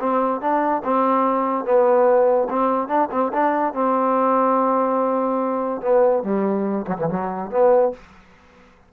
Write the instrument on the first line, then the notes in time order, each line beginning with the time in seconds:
trombone
0.00 C4
0.41 D4
0.84 C4
1.65 B3
2.49 C4
2.88 D4
3.11 C4
3.33 D4
3.74 C4
5.81 B3
6.23 G3
6.87 F#3
6.98 E3
7.09 F#3
7.51 B3